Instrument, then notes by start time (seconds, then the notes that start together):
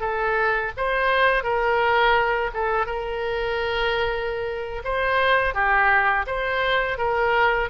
oboe
0.00 A4
0.77 C5
1.43 A#4
2.53 A4
2.86 A#4
4.84 C5
5.54 G4
6.26 C5
6.98 A#4